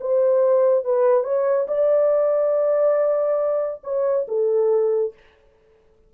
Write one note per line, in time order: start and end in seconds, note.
0.00 0.85 C5
0.85 1.24 B4
1.24 1.66 C#5
1.68 3.82 D5
3.83 4.26 C#5
4.28 5.14 A4